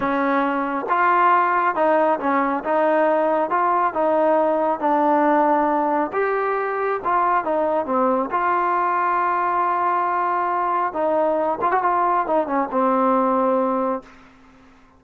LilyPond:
\new Staff \with { instrumentName = "trombone" } { \time 4/4 \tempo 4 = 137 cis'2 f'2 | dis'4 cis'4 dis'2 | f'4 dis'2 d'4~ | d'2 g'2 |
f'4 dis'4 c'4 f'4~ | f'1~ | f'4 dis'4. f'16 fis'16 f'4 | dis'8 cis'8 c'2. | }